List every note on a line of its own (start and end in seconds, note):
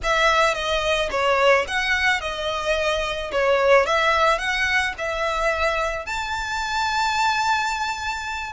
0.03 0.54 E5
0.54 1.09 D#5
1.10 1.65 C#5
1.67 2.20 F#5
2.20 3.31 D#5
3.32 3.86 C#5
3.86 4.38 E5
4.38 4.93 F#5
4.97 6.06 E5
6.06 8.52 A5